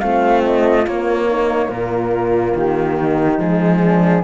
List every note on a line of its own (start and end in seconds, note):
0.00 0.87 A3
0.00 0.86 C4
0.00 1.29 F4
0.00 0.42 F5
0.45 0.87 D#5
0.86 3.39 A#3
0.86 1.69 A#3
0.86 1.71 C#5
1.29 1.71 D#4
1.69 2.54 A#2
1.69 2.98 F4
1.69 2.56 A#4
2.55 3.39 D#3
2.55 3.41 G4
2.98 3.83 D#4
3.39 4.24 F3
3.39 4.24 G#3
3.39 4.24 G#4
3.83 4.24 D4